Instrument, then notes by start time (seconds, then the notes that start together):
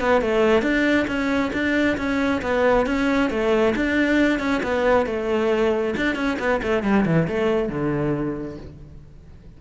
cello
0.00 B3
0.21 A3
0.62 D4
1.07 C#4
1.53 D4
1.97 C#4
2.42 B3
2.86 C#4
3.30 A3
3.76 D4
4.39 C#4
4.63 B3
5.06 A3
5.96 D4
6.15 C#4
6.39 B3
6.63 A3
6.83 G3
7.05 E3
7.28 A3
7.69 D3